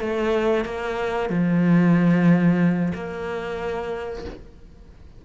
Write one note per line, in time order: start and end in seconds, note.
0.00 0.65 A3
0.65 1.30 A#3
1.30 2.93 F3
2.94 4.25 A#3